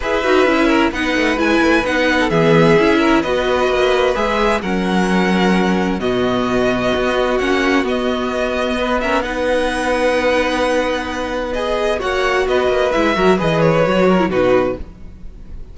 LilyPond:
<<
  \new Staff \with { instrumentName = "violin" } { \time 4/4 \tempo 4 = 130 e''2 fis''4 gis''4 | fis''4 e''2 dis''4~ | dis''4 e''4 fis''2~ | fis''4 dis''2. |
fis''4 dis''2~ dis''8 e''8 | fis''1~ | fis''4 dis''4 fis''4 dis''4 | e''4 dis''8 cis''4. b'4 | }
  \new Staff \with { instrumentName = "violin" } { \time 4/4 b'4. ais'8 b'2~ | b'8. a'16 gis'4. ais'8 b'4~ | b'2 ais'2~ | ais'4 fis'2.~ |
fis'2. b'8 ais'8 | b'1~ | b'2 cis''4 b'4~ | b'8 ais'8 b'4. ais'8 fis'4 | }
  \new Staff \with { instrumentName = "viola" } { \time 4/4 gis'8 fis'8 e'4 dis'4 e'4 | dis'4 b4 e'4 fis'4~ | fis'4 gis'4 cis'2~ | cis'4 b2. |
cis'4 b2~ b8 cis'8 | dis'1~ | dis'4 gis'4 fis'2 | e'8 fis'8 gis'4 fis'8. e'16 dis'4 | }
  \new Staff \with { instrumentName = "cello" } { \time 4/4 e'8 dis'8 cis'4 b8 a8 gis8 a8 | b4 e4 cis'4 b4 | ais4 gis4 fis2~ | fis4 b,2 b4 |
ais4 b2.~ | b1~ | b2 ais4 b8 ais8 | gis8 fis8 e4 fis4 b,4 | }
>>